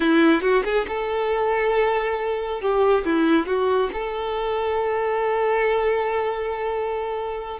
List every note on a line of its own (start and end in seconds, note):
0.00 0.41 E4
0.41 0.63 F#4
0.64 0.86 G#4
0.88 2.61 A4
2.61 3.04 G4
3.04 3.46 E4
3.46 3.90 F#4
3.92 7.60 A4